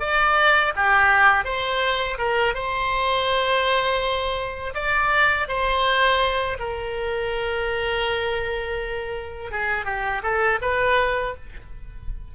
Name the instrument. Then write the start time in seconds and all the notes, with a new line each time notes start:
oboe
0.00 D5
0.76 G4
1.44 C5
2.18 A#4
2.54 C5
4.74 D5
5.48 C5
6.59 A#4
9.51 G#4
9.85 G4
10.23 A4
10.62 B4